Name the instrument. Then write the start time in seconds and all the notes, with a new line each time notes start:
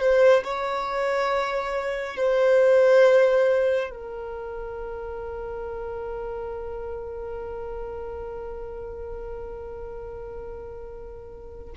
violin
0.00 C5
0.44 C#5
2.16 C5
3.90 A#4